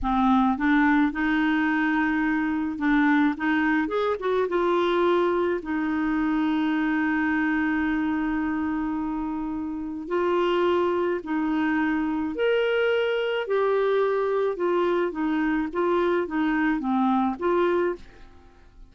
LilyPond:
\new Staff \with { instrumentName = "clarinet" } { \time 4/4 \tempo 4 = 107 c'4 d'4 dis'2~ | dis'4 d'4 dis'4 gis'8 fis'8 | f'2 dis'2~ | dis'1~ |
dis'2 f'2 | dis'2 ais'2 | g'2 f'4 dis'4 | f'4 dis'4 c'4 f'4 | }